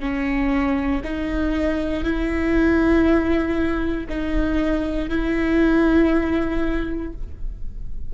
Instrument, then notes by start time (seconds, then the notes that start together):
viola
0.00 C#4
1.04 D#4
2.04 E4
4.10 D#4
5.10 E4